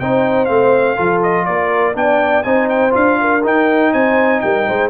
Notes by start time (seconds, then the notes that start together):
0.00 C4 D#4 C5 G5
0.46 A3 C4 F5
0.96 F3 F4 A4
1.23 D#5
1.45 A#3 A#4 D5
1.94 B3 D4 D5 G5
2.43 C4 D#4 C5 G#5
2.69 G5
2.91 D4 F4 F5
3.21 A#4
3.44 D#4 G5
3.93 C4 C5 G#5
4.41 G3 A#4 G5
4.68 G#3 C5